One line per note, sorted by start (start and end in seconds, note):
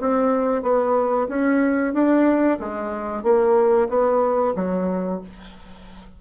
0.00 0.62 C4
0.62 1.27 B3
1.29 1.94 C#4
1.94 2.59 D4
2.59 3.23 G#3
3.23 3.88 A#3
3.89 4.54 B3
4.56 5.21 F#3